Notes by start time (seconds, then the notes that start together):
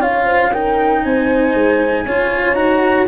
0.00 C#4 F4 C#5 F5
0.25 C5
0.52 D#4 A#4 G5
1.04 C4 C5 G#5
1.54 G#3
2.05 C#4 F4 C#5
2.54 D#4 F#4 A#5